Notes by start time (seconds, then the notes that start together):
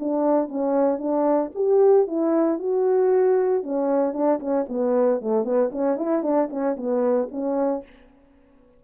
0.00 D4
0.49 C#4
0.99 D4
1.55 G4
2.08 E4
2.59 F#4
3.64 C#4
4.14 D4
4.40 C#4
4.69 B3
5.22 A3
5.45 B3
5.72 C#4
5.97 E4
6.23 D4
6.51 C#4
6.77 B3
7.32 C#4